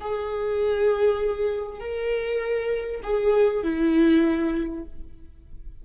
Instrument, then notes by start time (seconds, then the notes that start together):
viola
0.00 G#4
1.80 A#4
3.02 G#4
3.63 E4